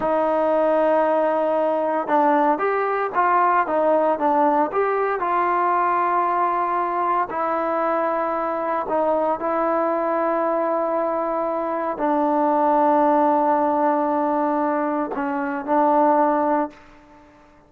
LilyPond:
\new Staff \with { instrumentName = "trombone" } { \time 4/4 \tempo 4 = 115 dis'1 | d'4 g'4 f'4 dis'4 | d'4 g'4 f'2~ | f'2 e'2~ |
e'4 dis'4 e'2~ | e'2. d'4~ | d'1~ | d'4 cis'4 d'2 | }